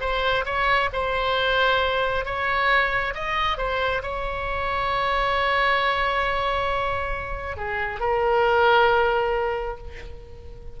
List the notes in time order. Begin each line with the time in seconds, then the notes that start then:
0.00 C5
0.45 C#5
0.92 C5
2.25 C#5
3.14 D#5
3.57 C5
4.02 C#5
7.56 G#4
7.99 A#4